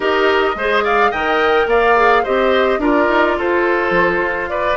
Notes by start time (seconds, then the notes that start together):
0.00 D#4 G4 A#4 D#5
0.55 G#3 G#4 C5
0.83 D5 F5
1.11 D#3 A#4 D#5 G5
1.66 A#3 D5 F5
1.96 G#4
2.23 C4 G4 C5 D#5
2.78 D4 F4 A#4 D5
3.08 D#4
3.37 F4 A4 C5
3.90 F3
4.19 F4
4.49 B4 D5